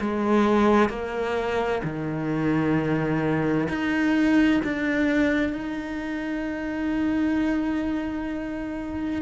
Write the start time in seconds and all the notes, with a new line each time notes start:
0.00 G#3
0.89 A#3
1.83 D#3
3.68 D#4
4.64 D4
5.53 D#4